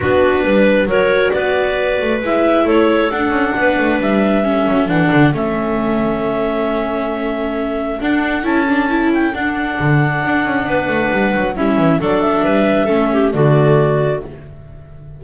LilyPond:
<<
  \new Staff \with { instrumentName = "clarinet" } { \time 4/4 \tempo 4 = 135 b'2 cis''4 d''4~ | d''4 e''4 cis''4 fis''4~ | fis''4 e''2 fis''4 | e''1~ |
e''2 fis''4 a''4~ | a''8 g''8 fis''2.~ | fis''2 e''4 d''8 e''8~ | e''2 d''2 | }
  \new Staff \with { instrumentName = "clarinet" } { \time 4/4 fis'4 b'4 ais'4 b'4~ | b'2 a'2 | b'2 a'2~ | a'1~ |
a'1~ | a'1 | b'2 e'4 a'4 | b'4 a'8 g'8 fis'2 | }
  \new Staff \with { instrumentName = "viola" } { \time 4/4 d'2 fis'2~ | fis'4 e'2 d'4~ | d'2 cis'4 d'4 | cis'1~ |
cis'2 d'4 e'8 d'8 | e'4 d'2.~ | d'2 cis'4 d'4~ | d'4 cis'4 a2 | }
  \new Staff \with { instrumentName = "double bass" } { \time 4/4 b4 g4 fis4 b4~ | b8 a8 gis4 a4 d'8 cis'8 | b8 a8 g4. fis8 e8 d8 | a1~ |
a2 d'4 cis'4~ | cis'4 d'4 d4 d'8 cis'8 | b8 a8 g8 fis8 g8 e8 fis4 | g4 a4 d2 | }
>>